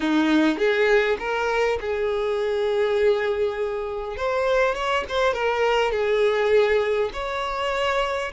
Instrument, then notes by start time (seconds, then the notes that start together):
violin
0.00 D#4
0.58 G#4
1.19 A#4
1.80 G#4
4.16 C5
4.74 C#5
5.08 C5
5.33 A#4
5.91 G#4
7.13 C#5